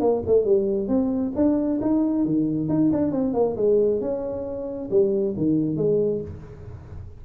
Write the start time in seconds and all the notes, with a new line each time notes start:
0.00 A#3
0.26 A3
0.44 G3
0.88 C4
1.35 D4
1.81 D#4
2.25 D#3
2.68 D#4
2.92 D4
3.11 C4
3.33 A#3
3.56 G#3
4.00 C#4
4.90 G3
5.37 D#3
5.76 G#3